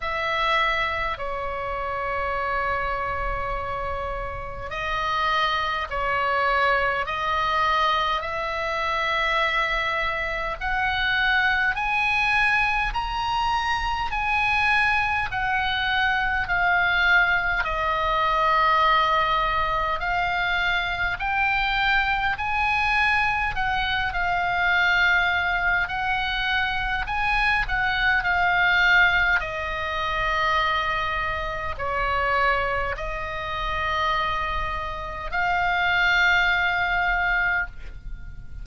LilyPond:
\new Staff \with { instrumentName = "oboe" } { \time 4/4 \tempo 4 = 51 e''4 cis''2. | dis''4 cis''4 dis''4 e''4~ | e''4 fis''4 gis''4 ais''4 | gis''4 fis''4 f''4 dis''4~ |
dis''4 f''4 g''4 gis''4 | fis''8 f''4. fis''4 gis''8 fis''8 | f''4 dis''2 cis''4 | dis''2 f''2 | }